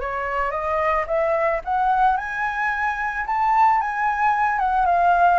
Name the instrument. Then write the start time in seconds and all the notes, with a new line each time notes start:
flute
0.00 C#5
0.51 D#5
1.07 E5
1.64 F#5
2.17 G#5
3.26 A5
3.80 G#5
4.59 F#5
4.86 F5